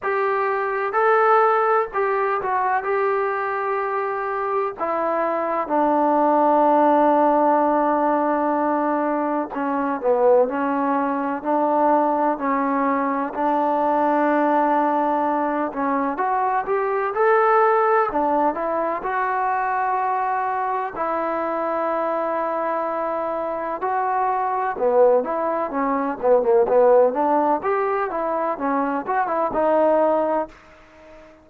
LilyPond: \new Staff \with { instrumentName = "trombone" } { \time 4/4 \tempo 4 = 63 g'4 a'4 g'8 fis'8 g'4~ | g'4 e'4 d'2~ | d'2 cis'8 b8 cis'4 | d'4 cis'4 d'2~ |
d'8 cis'8 fis'8 g'8 a'4 d'8 e'8 | fis'2 e'2~ | e'4 fis'4 b8 e'8 cis'8 b16 ais16 | b8 d'8 g'8 e'8 cis'8 fis'16 e'16 dis'4 | }